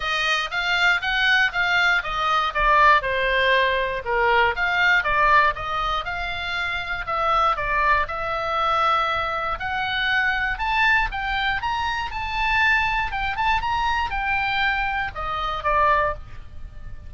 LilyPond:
\new Staff \with { instrumentName = "oboe" } { \time 4/4 \tempo 4 = 119 dis''4 f''4 fis''4 f''4 | dis''4 d''4 c''2 | ais'4 f''4 d''4 dis''4 | f''2 e''4 d''4 |
e''2. fis''4~ | fis''4 a''4 g''4 ais''4 | a''2 g''8 a''8 ais''4 | g''2 dis''4 d''4 | }